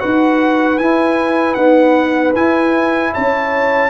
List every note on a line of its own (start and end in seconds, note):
0.00 0.79 D#4
0.00 0.78 F#4
0.00 3.12 B4
0.00 0.78 F#5
0.78 1.56 E4
0.78 1.57 E4
0.78 1.55 G#5
1.55 2.35 B3
1.55 2.34 D#4
1.55 2.32 F#5
2.36 3.13 E4
2.36 3.90 E4
2.36 3.14 G#5
3.14 3.90 C#4
3.14 3.90 C#5
3.14 3.90 A5